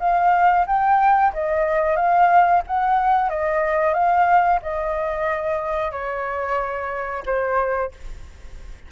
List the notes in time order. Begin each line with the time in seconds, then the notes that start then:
0.00 F5
0.67 G5
1.34 D#5
1.96 F5
2.67 F#5
3.30 D#5
3.94 F5
4.62 D#5
5.92 C#5
7.26 C5